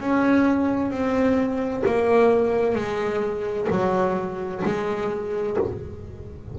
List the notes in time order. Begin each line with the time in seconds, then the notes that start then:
0.00 C#4
0.91 C4
1.86 A#3
2.75 G#3
3.70 F#3
4.65 G#3